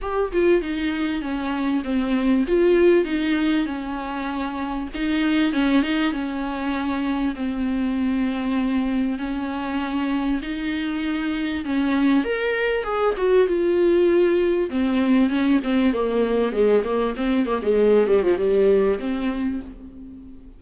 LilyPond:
\new Staff \with { instrumentName = "viola" } { \time 4/4 \tempo 4 = 98 g'8 f'8 dis'4 cis'4 c'4 | f'4 dis'4 cis'2 | dis'4 cis'8 dis'8 cis'2 | c'2. cis'4~ |
cis'4 dis'2 cis'4 | ais'4 gis'8 fis'8 f'2 | c'4 cis'8 c'8 ais4 gis8 ais8 | c'8 ais16 gis8. g16 f16 g4 c'4 | }